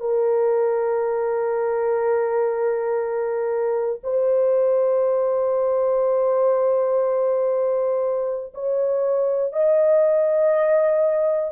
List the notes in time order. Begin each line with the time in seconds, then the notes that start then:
0.00 A#4
4.04 C5
8.54 C#5
9.52 D#5